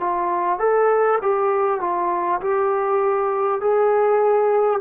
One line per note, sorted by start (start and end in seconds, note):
0.00 0.59 F4
0.59 1.19 A4
1.22 1.81 G4
1.81 2.41 F4
2.41 3.61 G4
3.61 4.81 G#4